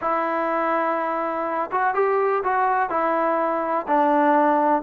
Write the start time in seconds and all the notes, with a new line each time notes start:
0.01 E4
1.71 F#4
1.94 G4
2.43 F#4
2.89 E4
3.87 D4